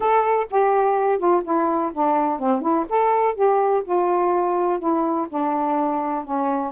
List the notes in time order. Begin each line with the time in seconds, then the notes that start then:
0.00 A4
0.50 G4
1.18 F4
1.44 E4
1.93 D4
2.39 C4
2.61 E4
2.89 A4
3.34 G4
3.84 F4
4.79 E4
5.29 D4
6.24 C#4